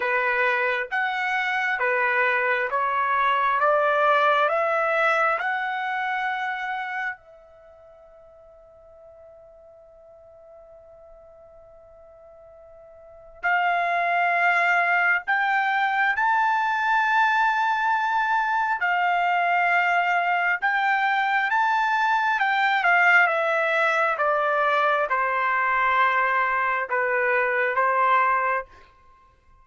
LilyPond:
\new Staff \with { instrumentName = "trumpet" } { \time 4/4 \tempo 4 = 67 b'4 fis''4 b'4 cis''4 | d''4 e''4 fis''2 | e''1~ | e''2. f''4~ |
f''4 g''4 a''2~ | a''4 f''2 g''4 | a''4 g''8 f''8 e''4 d''4 | c''2 b'4 c''4 | }